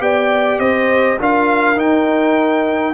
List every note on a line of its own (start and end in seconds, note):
0.00 0.59 B3
0.00 1.18 G4
0.00 0.61 D5
0.00 0.60 G5
0.59 1.18 C4
0.59 1.19 C5
0.59 1.19 D#5
1.20 1.77 D4
1.20 1.77 F4
1.20 2.94 A#4
1.20 1.79 F5
1.77 2.94 D#4
1.77 2.94 G5